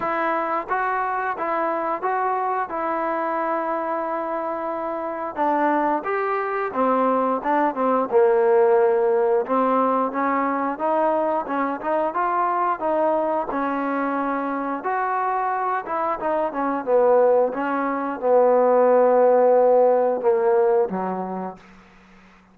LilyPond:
\new Staff \with { instrumentName = "trombone" } { \time 4/4 \tempo 4 = 89 e'4 fis'4 e'4 fis'4 | e'1 | d'4 g'4 c'4 d'8 c'8 | ais2 c'4 cis'4 |
dis'4 cis'8 dis'8 f'4 dis'4 | cis'2 fis'4. e'8 | dis'8 cis'8 b4 cis'4 b4~ | b2 ais4 fis4 | }